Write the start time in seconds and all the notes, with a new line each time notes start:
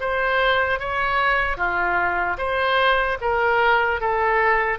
0.00 C5
0.79 C#5
1.57 F4
2.37 C5
3.21 A#4
4.00 A4